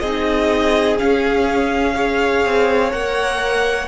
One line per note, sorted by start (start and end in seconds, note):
0.00 0.99 C4
0.00 0.98 D#4
0.00 1.95 G#4
0.00 0.97 D#5
0.98 1.95 C#4
0.98 2.46 C#4
0.98 2.92 F5
1.95 2.92 G#4
1.95 3.88 C#5
2.46 2.93 C4
2.92 3.88 A#3
2.92 3.88 A#4
2.92 3.88 F#5